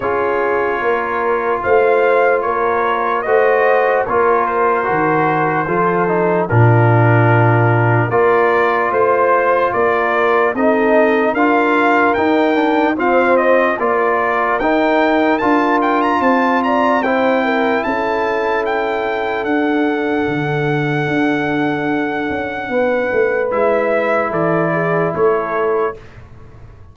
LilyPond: <<
  \new Staff \with { instrumentName = "trumpet" } { \time 4/4 \tempo 4 = 74 cis''2 f''4 cis''4 | dis''4 cis''8 c''2~ c''8 | ais'2 d''4 c''4 | d''4 dis''4 f''4 g''4 |
f''8 dis''8 d''4 g''4 a''8 g''16 ais''16 | a''8 ais''8 g''4 a''4 g''4 | fis''1~ | fis''4 e''4 d''4 cis''4 | }
  \new Staff \with { instrumentName = "horn" } { \time 4/4 gis'4 ais'4 c''4 ais'4 | c''4 ais'2 a'4 | f'2 ais'4 c''4 | ais'4 a'4 ais'2 |
c''4 ais'2. | c''8 d''8 c''8 ais'8 a'2~ | a'1 | b'2 a'8 gis'8 a'4 | }
  \new Staff \with { instrumentName = "trombone" } { \time 4/4 f'1 | fis'4 f'4 fis'4 f'8 dis'8 | d'2 f'2~ | f'4 dis'4 f'4 dis'8 d'8 |
c'4 f'4 dis'4 f'4~ | f'4 e'2. | d'1~ | d'4 e'2. | }
  \new Staff \with { instrumentName = "tuba" } { \time 4/4 cis'4 ais4 a4 ais4 | a4 ais4 dis4 f4 | ais,2 ais4 a4 | ais4 c'4 d'4 dis'4 |
f'4 ais4 dis'4 d'4 | c'2 cis'2 | d'4 d4 d'4. cis'8 | b8 a8 gis4 e4 a4 | }
>>